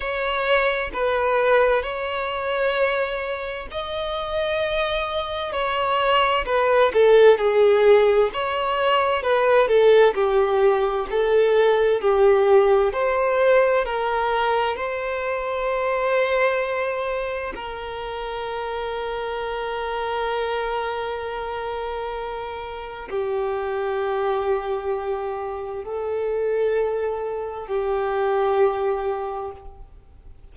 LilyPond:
\new Staff \with { instrumentName = "violin" } { \time 4/4 \tempo 4 = 65 cis''4 b'4 cis''2 | dis''2 cis''4 b'8 a'8 | gis'4 cis''4 b'8 a'8 g'4 | a'4 g'4 c''4 ais'4 |
c''2. ais'4~ | ais'1~ | ais'4 g'2. | a'2 g'2 | }